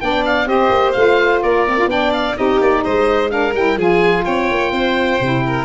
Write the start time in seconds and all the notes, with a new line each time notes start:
0.00 B3 D4 D5 G5
0.25 F5
0.45 C4 G4 C5 D#5
0.69 A#3
0.92 A3 F4 F5
1.42 A#3 A#4 D5
1.66 C4
1.78 F4
1.85 B3 D4 D5 G5
2.12 F5
2.35 C4 D#4 G4 D#5
2.60 A#3 D5
2.84 G#3 C5 D#5
3.29 D4 A#4 F5
3.53 G3 E4 G5
3.76 F3 F4 G#4 G#5
4.24 C4 C#5 G5
4.51 A#3
4.71 C4 C5
5.20 C3 E4
5.46 A#4